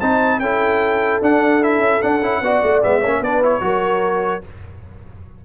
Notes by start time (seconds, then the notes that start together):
0.00 C4 D#4 C5 A5
0.40 C#4 E4 A4 G5
1.22 D4 F#5
1.61 E4 E5
1.79 C#4
2.01 D4 F#5
2.22 C#4 E4
2.41 B3 F#4 D5
2.62 A3
2.82 G#3 B3 E5
3.01 A#3 C#4 C#5
3.20 B3 D4 B4 D5
3.42 E4 C#5
3.61 F#3 F#4 A#4